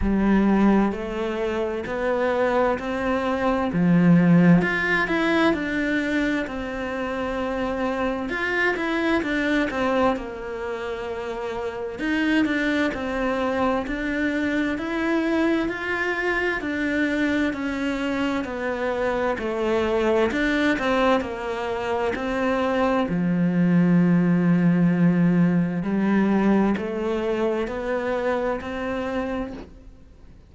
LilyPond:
\new Staff \with { instrumentName = "cello" } { \time 4/4 \tempo 4 = 65 g4 a4 b4 c'4 | f4 f'8 e'8 d'4 c'4~ | c'4 f'8 e'8 d'8 c'8 ais4~ | ais4 dis'8 d'8 c'4 d'4 |
e'4 f'4 d'4 cis'4 | b4 a4 d'8 c'8 ais4 | c'4 f2. | g4 a4 b4 c'4 | }